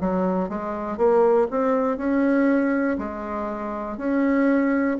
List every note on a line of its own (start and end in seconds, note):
0.00 0.50 F#3
0.50 0.97 G#3
0.97 1.47 A#3
1.50 1.98 C4
1.98 2.98 C#4
2.98 3.98 G#3
3.98 4.98 C#4